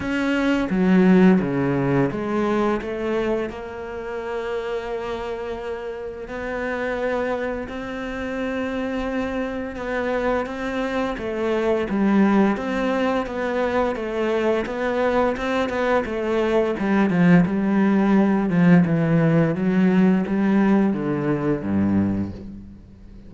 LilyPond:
\new Staff \with { instrumentName = "cello" } { \time 4/4 \tempo 4 = 86 cis'4 fis4 cis4 gis4 | a4 ais2.~ | ais4 b2 c'4~ | c'2 b4 c'4 |
a4 g4 c'4 b4 | a4 b4 c'8 b8 a4 | g8 f8 g4. f8 e4 | fis4 g4 d4 g,4 | }